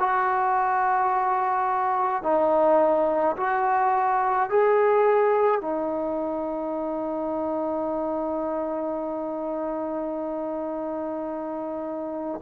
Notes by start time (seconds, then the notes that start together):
0.00 F#4
2.23 D#4
3.37 F#4
4.50 G#4
5.61 D#4